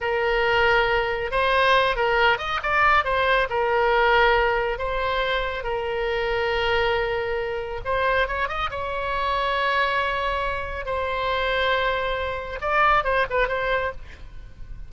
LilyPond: \new Staff \with { instrumentName = "oboe" } { \time 4/4 \tempo 4 = 138 ais'2. c''4~ | c''8 ais'4 dis''8 d''4 c''4 | ais'2. c''4~ | c''4 ais'2.~ |
ais'2 c''4 cis''8 dis''8 | cis''1~ | cis''4 c''2.~ | c''4 d''4 c''8 b'8 c''4 | }